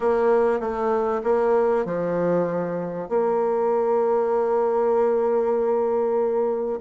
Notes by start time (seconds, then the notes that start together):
0.00 A#3
0.59 A3
1.23 A#3
1.85 F3
3.08 A#3